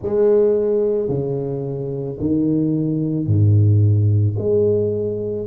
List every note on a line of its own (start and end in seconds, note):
0.02 1.08 G#3
1.08 2.17 C#3
2.19 3.27 D#3
3.27 4.36 G#2
4.38 5.46 G#3